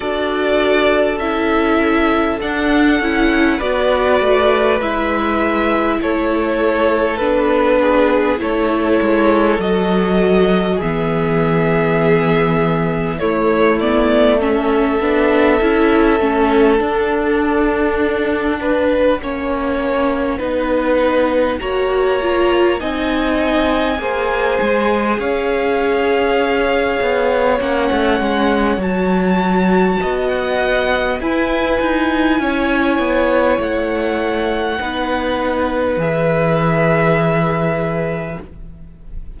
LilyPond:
<<
  \new Staff \with { instrumentName = "violin" } { \time 4/4 \tempo 4 = 50 d''4 e''4 fis''4 d''4 | e''4 cis''4 b'4 cis''4 | dis''4 e''2 cis''8 d''8 | e''2 fis''2~ |
fis''2 ais''4 gis''4~ | gis''4 f''2 fis''4 | a''4~ a''16 fis''8. gis''2 | fis''2 e''2 | }
  \new Staff \with { instrumentName = "violin" } { \time 4/4 a'2. b'4~ | b'4 a'4. gis'8 a'4~ | a'4 gis'2 e'4 | a'2.~ a'8 b'8 |
cis''4 b'4 cis''4 dis''4 | c''4 cis''2.~ | cis''4 dis''4 b'4 cis''4~ | cis''4 b'2. | }
  \new Staff \with { instrumentName = "viola" } { \time 4/4 fis'4 e'4 d'8 e'8 fis'4 | e'2 d'4 e'4 | fis'4 b2 a8 b8 | cis'8 d'8 e'8 cis'8 d'2 |
cis'4 dis'4 fis'8 f'8 dis'4 | gis'2. cis'4 | fis'2 e'2~ | e'4 dis'4 gis'2 | }
  \new Staff \with { instrumentName = "cello" } { \time 4/4 d'4 cis'4 d'8 cis'8 b8 a8 | gis4 a4 b4 a8 gis8 | fis4 e2 a4~ | a8 b8 cis'8 a8 d'2 |
ais4 b4 ais4 c'4 | ais8 gis8 cis'4. b8 ais16 a16 gis8 | fis4 b4 e'8 dis'8 cis'8 b8 | a4 b4 e2 | }
>>